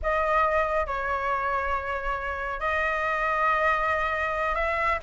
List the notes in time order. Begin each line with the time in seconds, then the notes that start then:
0.02 D#5
0.86 C#5
2.60 D#5
4.55 E5